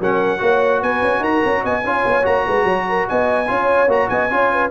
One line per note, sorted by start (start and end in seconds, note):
0.00 0.41 F#3
0.00 0.39 C#4
0.00 0.42 A#4
0.00 0.83 F#5
0.39 0.83 A#3
0.39 1.83 F#4
0.39 0.83 C#5
0.83 1.03 B3
0.83 1.21 B4
0.83 1.24 G#5
1.03 1.20 C#4
1.20 1.41 D#4
1.20 1.62 A#4
1.20 1.65 A#5
1.45 1.65 C#4
1.63 1.84 B3
1.63 1.83 D#5
1.63 2.26 G#5
1.84 2.05 C#4
1.84 2.23 F4
1.84 2.47 C#5
2.06 2.26 B3
2.23 2.47 A#3
2.23 3.46 F#4
2.23 3.09 A#5
2.48 2.65 G#3
2.48 2.65 B4
2.65 3.06 F#3
2.65 2.85 C#5
2.89 3.09 A#4
3.09 3.50 B3
3.09 3.49 D#5
3.09 3.91 G#5
3.48 3.88 C#4
3.48 3.89 F4
3.48 4.11 C#5
3.88 4.08 A#3
3.88 4.30 F#4
3.88 4.09 A#5
4.09 4.31 B3
4.09 4.32 D#5
4.09 4.71 G#5
4.31 4.71 C#4
4.31 4.71 F4
4.31 4.53 C#5
4.53 4.71 B4